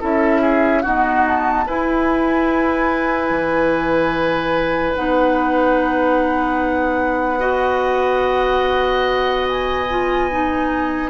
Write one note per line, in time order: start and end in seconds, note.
0.00 0.84 C#4
0.00 0.83 E4
0.00 0.41 A4
0.00 0.82 E5
0.41 0.82 G#4
0.82 1.67 B3
0.82 1.67 D#4
0.82 1.65 F#4
0.82 1.23 F#5
1.27 1.68 A5
1.66 3.30 E4
1.66 4.96 E4
1.66 7.40 B4
1.66 4.95 G#5
3.30 4.94 E3
4.95 11.10 B3
4.95 7.39 D#4
4.95 9.47 F#5
7.39 9.86 F#4
7.39 11.09 D#5
9.49 11.10 G#5
9.90 10.31 F4
10.31 11.10 D#4